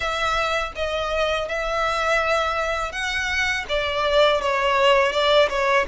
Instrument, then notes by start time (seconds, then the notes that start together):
violin
0.00 E5
0.75 D#5
1.48 E5
2.92 F#5
3.68 D5
4.41 C#5
5.12 D5
5.49 C#5